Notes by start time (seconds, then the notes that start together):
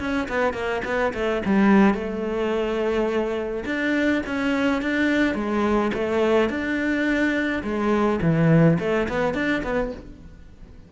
0.00 C#4
0.29 B3
0.54 A#3
0.85 B3
1.14 A3
1.46 G3
1.95 A3
3.66 D4
4.27 C#4
4.82 D4
5.35 G#3
5.94 A3
6.50 D4
7.64 G#3
8.22 E3
8.80 A3
9.09 B3
9.34 D4
9.64 B3